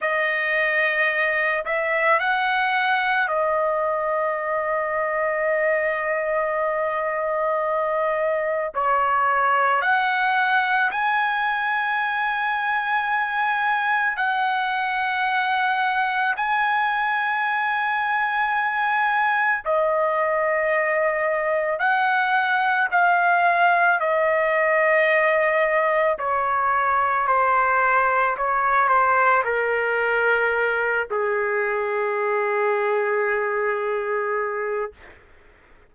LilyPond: \new Staff \with { instrumentName = "trumpet" } { \time 4/4 \tempo 4 = 55 dis''4. e''8 fis''4 dis''4~ | dis''1 | cis''4 fis''4 gis''2~ | gis''4 fis''2 gis''4~ |
gis''2 dis''2 | fis''4 f''4 dis''2 | cis''4 c''4 cis''8 c''8 ais'4~ | ais'8 gis'2.~ gis'8 | }